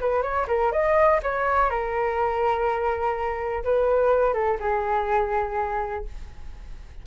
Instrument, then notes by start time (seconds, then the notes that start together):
flute
0.00 B4
0.22 C#5
0.47 A#4
0.71 D#5
1.22 C#5
1.70 A#4
3.64 B4
4.33 A4
4.59 G#4